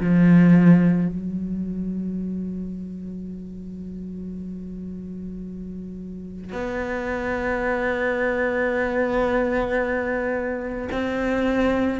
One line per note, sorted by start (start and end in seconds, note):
0.00 1.08 F3
1.08 6.52 F#3
6.52 10.88 B3
10.92 12.00 C4